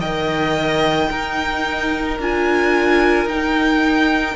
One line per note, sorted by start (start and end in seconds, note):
0.00 1.10 D#3
0.00 1.11 A#4
0.00 1.09 D#5
0.00 2.19 G5
1.11 2.20 D#4
1.11 2.19 D#4
1.11 4.36 A#4
2.19 3.25 D4
2.19 3.29 F4
2.19 3.29 G#5
3.25 4.34 D#4
3.25 4.36 D#4
3.25 4.36 G5